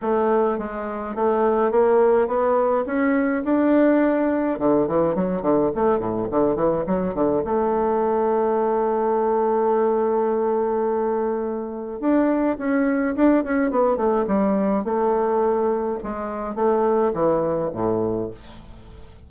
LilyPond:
\new Staff \with { instrumentName = "bassoon" } { \time 4/4 \tempo 4 = 105 a4 gis4 a4 ais4 | b4 cis'4 d'2 | d8 e8 fis8 d8 a8 a,8 d8 e8 | fis8 d8 a2.~ |
a1~ | a4 d'4 cis'4 d'8 cis'8 | b8 a8 g4 a2 | gis4 a4 e4 a,4 | }